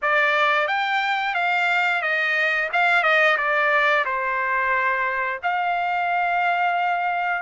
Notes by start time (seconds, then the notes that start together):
0.02 D5
0.67 G5
1.34 F5
2.01 D#5
2.72 F5
3.03 D#5
3.37 D5
4.05 C5
5.42 F5